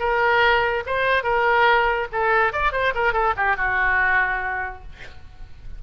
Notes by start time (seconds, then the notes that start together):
0.00 A#4
0.87 C5
1.24 A#4
2.13 A4
2.53 D5
2.73 C5
2.95 A#4
3.13 A4
3.37 G4
3.57 F#4